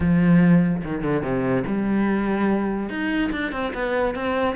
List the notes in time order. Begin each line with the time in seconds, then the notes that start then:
0.00 F3
0.84 D#3
1.02 D3
1.22 C3
1.66 G3
2.89 D#4
3.31 D4
3.52 C4
3.74 B3
4.14 C4